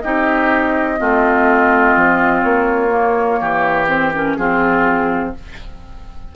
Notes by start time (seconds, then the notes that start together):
0.00 C4 D#4 G4 D#5
0.98 A3 C4 F4
1.96 F3
2.42 A#3 C#5
2.90 A#3
3.40 E3 G4
3.88 C4 C5
4.14 C#4 A#4
4.36 F3 C4 F4 G#4